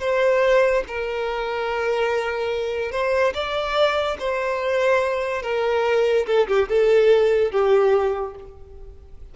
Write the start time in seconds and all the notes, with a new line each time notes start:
0.00 C5
0.87 A#4
2.91 C5
3.34 D5
4.19 C5
5.42 A#4
6.26 A4
6.47 G4
6.69 A4
7.52 G4